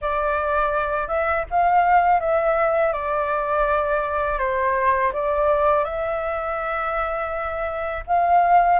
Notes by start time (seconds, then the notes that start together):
0.01 D5
1.08 E5
1.50 F5
2.20 E5
2.92 D5
4.38 C5
5.13 D5
5.84 E5
8.06 F5